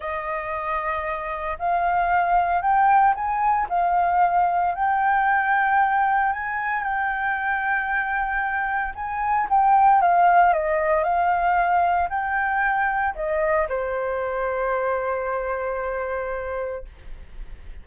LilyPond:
\new Staff \with { instrumentName = "flute" } { \time 4/4 \tempo 4 = 114 dis''2. f''4~ | f''4 g''4 gis''4 f''4~ | f''4 g''2. | gis''4 g''2.~ |
g''4 gis''4 g''4 f''4 | dis''4 f''2 g''4~ | g''4 dis''4 c''2~ | c''1 | }